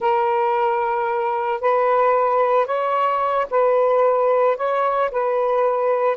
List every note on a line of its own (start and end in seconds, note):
0.00 1.60 A#4
1.60 2.66 B4
2.66 3.46 C#5
3.50 4.56 B4
4.56 5.10 C#5
5.11 6.17 B4